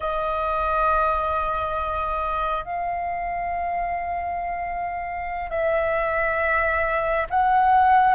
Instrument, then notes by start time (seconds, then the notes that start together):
flute
0.00 D#5
2.64 F5
5.50 E5
7.30 F#5